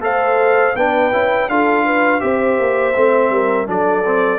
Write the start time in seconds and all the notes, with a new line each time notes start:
0.00 A3 A4 C5 F5
0.75 B3 D4 B4 G5
1.12 C#4 E4
1.48 D4 F4 A4 F5
1.85 B4
2.20 C4 G4 C5 E5
2.59 A#3
2.96 A3 C4
3.30 G3 A#4
3.66 F#3 D4 A4 D5
4.05 C4